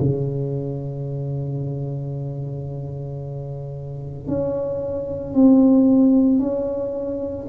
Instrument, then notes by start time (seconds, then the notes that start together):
tuba
0.00 C#3
4.28 C#4
5.35 C4
6.40 C#4